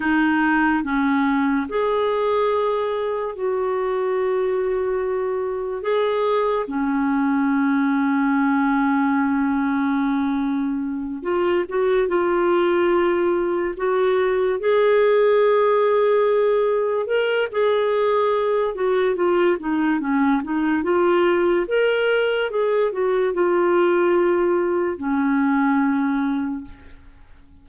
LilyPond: \new Staff \with { instrumentName = "clarinet" } { \time 4/4 \tempo 4 = 72 dis'4 cis'4 gis'2 | fis'2. gis'4 | cis'1~ | cis'4. f'8 fis'8 f'4.~ |
f'8 fis'4 gis'2~ gis'8~ | gis'8 ais'8 gis'4. fis'8 f'8 dis'8 | cis'8 dis'8 f'4 ais'4 gis'8 fis'8 | f'2 cis'2 | }